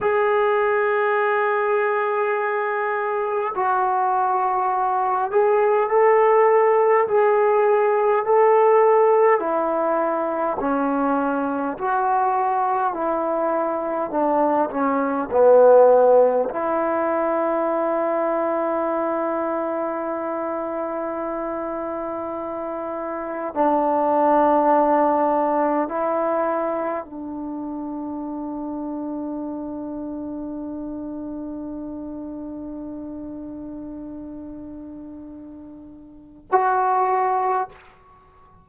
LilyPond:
\new Staff \with { instrumentName = "trombone" } { \time 4/4 \tempo 4 = 51 gis'2. fis'4~ | fis'8 gis'8 a'4 gis'4 a'4 | e'4 cis'4 fis'4 e'4 | d'8 cis'8 b4 e'2~ |
e'1 | d'2 e'4 d'4~ | d'1~ | d'2. fis'4 | }